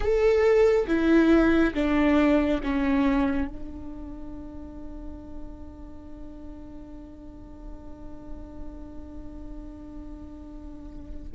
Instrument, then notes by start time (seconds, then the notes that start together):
viola
0.00 A4
0.87 E4
1.74 D4
2.63 C#4
3.47 D4